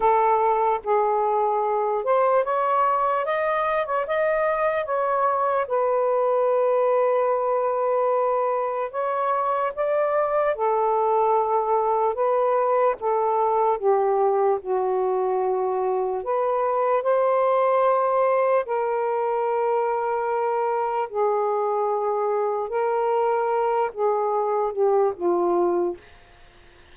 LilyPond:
\new Staff \with { instrumentName = "saxophone" } { \time 4/4 \tempo 4 = 74 a'4 gis'4. c''8 cis''4 | dis''8. cis''16 dis''4 cis''4 b'4~ | b'2. cis''4 | d''4 a'2 b'4 |
a'4 g'4 fis'2 | b'4 c''2 ais'4~ | ais'2 gis'2 | ais'4. gis'4 g'8 f'4 | }